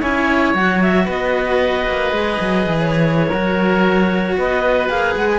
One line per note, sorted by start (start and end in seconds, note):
0.00 0.54 C#4
0.00 0.54 E4
0.00 1.04 C#5
0.00 0.54 G#5
0.54 1.07 F#3
0.54 2.11 F#4
0.54 0.81 F#5
0.81 1.08 E5
1.04 1.87 B3
1.04 3.28 B4
1.04 2.80 D#5
1.88 2.11 A#3
2.11 2.37 G#3
2.11 3.29 G#4
2.40 2.66 F#3
2.66 3.32 E3
2.80 4.38 C#5
3.29 4.37 F#3
3.29 4.90 F#4
3.29 4.34 A#4
4.37 4.89 B3
4.37 5.39 B4
4.37 4.89 D#5
4.89 5.15 A#3
4.89 5.39 G#4
4.89 5.15 F5
5.16 5.39 G#3
5.16 5.29 F#5
5.30 5.39 G#5